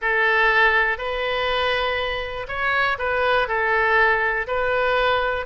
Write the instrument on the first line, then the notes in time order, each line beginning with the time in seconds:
oboe
0.01 A4
0.98 B4
2.47 C#5
2.98 B4
3.47 A4
4.47 B4